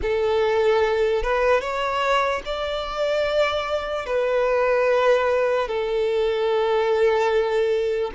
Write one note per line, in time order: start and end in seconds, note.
0.02 1.22 A4
1.22 1.60 B4
1.60 2.41 C#5
2.45 4.06 D5
4.06 5.68 B4
5.68 8.11 A4